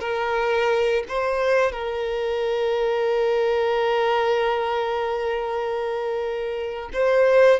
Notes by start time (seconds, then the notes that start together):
0.00 A#4
1.08 C5
1.72 A#4
6.93 C5